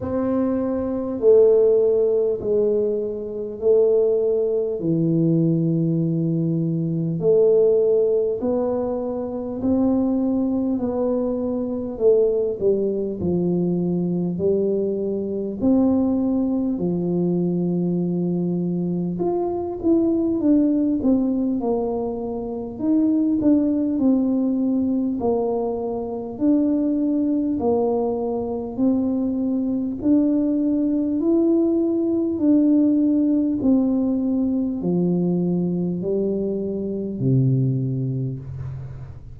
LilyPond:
\new Staff \with { instrumentName = "tuba" } { \time 4/4 \tempo 4 = 50 c'4 a4 gis4 a4 | e2 a4 b4 | c'4 b4 a8 g8 f4 | g4 c'4 f2 |
f'8 e'8 d'8 c'8 ais4 dis'8 d'8 | c'4 ais4 d'4 ais4 | c'4 d'4 e'4 d'4 | c'4 f4 g4 c4 | }